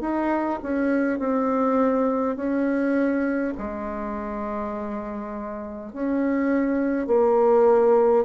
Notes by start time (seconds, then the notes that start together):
0.00 D#4
0.63 C#4
1.19 C4
2.36 C#4
3.58 G#3
5.93 C#4
7.06 A#3